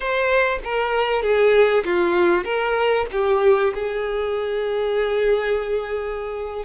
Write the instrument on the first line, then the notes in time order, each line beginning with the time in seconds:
violin
0.00 C5
0.64 A#4
1.22 G#4
1.84 F4
2.44 A#4
3.11 G4
3.74 G#4